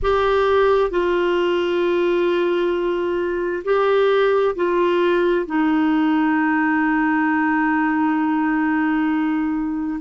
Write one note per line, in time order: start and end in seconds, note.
0.02 0.90 G4
0.90 3.63 F4
3.64 4.55 G4
4.55 5.45 F4
5.45 10.00 D#4